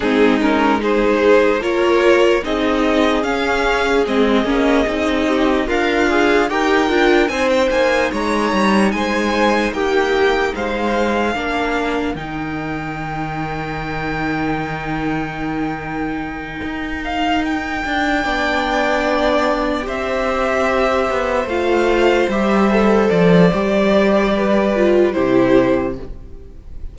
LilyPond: <<
  \new Staff \with { instrumentName = "violin" } { \time 4/4 \tempo 4 = 74 gis'8 ais'8 c''4 cis''4 dis''4 | f''4 dis''2 f''4 | g''4 gis''16 g''16 gis''8 ais''4 gis''4 | g''4 f''2 g''4~ |
g''1~ | g''4 f''8 g''2~ g''8~ | g''8 e''2 f''4 e''8~ | e''8 d''2~ d''8 c''4 | }
  \new Staff \with { instrumentName = "violin" } { \time 4/4 dis'4 gis'4 ais'4 gis'4~ | gis'2~ gis'8 g'8 f'4 | ais'4 c''4 cis''4 c''4 | g'4 c''4 ais'2~ |
ais'1~ | ais'2~ ais'8 d''4.~ | d''8 c''2.~ c''8~ | c''2 b'4 g'4 | }
  \new Staff \with { instrumentName = "viola" } { \time 4/4 c'8 cis'8 dis'4 f'4 dis'4 | cis'4 c'8 cis'8 dis'4 ais'8 gis'8 | g'8 f'8 dis'2.~ | dis'2 d'4 dis'4~ |
dis'1~ | dis'2~ dis'8 d'4.~ | d'8 g'2 f'4 g'8 | a'4 g'4. f'8 e'4 | }
  \new Staff \with { instrumentName = "cello" } { \time 4/4 gis2 ais4 c'4 | cis'4 gis8 ais8 c'4 d'4 | dis'8 d'8 c'8 ais8 gis8 g8 gis4 | ais4 gis4 ais4 dis4~ |
dis1~ | dis8 dis'4. d'8 b4.~ | b8 c'4. b8 a4 g8~ | g8 f8 g2 c4 | }
>>